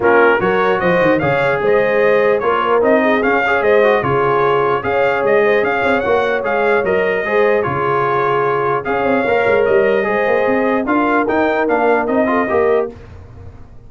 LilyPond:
<<
  \new Staff \with { instrumentName = "trumpet" } { \time 4/4 \tempo 4 = 149 ais'4 cis''4 dis''4 f''4 | dis''2 cis''4 dis''4 | f''4 dis''4 cis''2 | f''4 dis''4 f''4 fis''4 |
f''4 dis''2 cis''4~ | cis''2 f''2 | dis''2. f''4 | g''4 f''4 dis''2 | }
  \new Staff \with { instrumentName = "horn" } { \time 4/4 f'4 ais'4 c''4 cis''4 | c''2 ais'4. gis'8~ | gis'8 cis''8 c''4 gis'2 | cis''4. c''8 cis''2~ |
cis''2 c''4 gis'4~ | gis'2 cis''2~ | cis''4 c''2 ais'4~ | ais'2~ ais'8 a'8 ais'4 | }
  \new Staff \with { instrumentName = "trombone" } { \time 4/4 cis'4 fis'2 gis'4~ | gis'2 f'4 dis'4 | cis'8 gis'4 fis'8 f'2 | gis'2. fis'4 |
gis'4 ais'4 gis'4 f'4~ | f'2 gis'4 ais'4~ | ais'4 gis'2 f'4 | dis'4 d'4 dis'8 f'8 g'4 | }
  \new Staff \with { instrumentName = "tuba" } { \time 4/4 ais4 fis4 f8 dis8 cis4 | gis2 ais4 c'4 | cis'4 gis4 cis2 | cis'4 gis4 cis'8 c'8 ais4 |
gis4 fis4 gis4 cis4~ | cis2 cis'8 c'8 ais8 gis8 | g4 gis8 ais8 c'4 d'4 | dis'4 ais4 c'4 ais4 | }
>>